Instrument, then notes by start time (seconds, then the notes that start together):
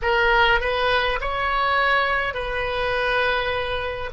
oboe
0.02 A#4
0.60 B4
1.20 C#5
2.34 B4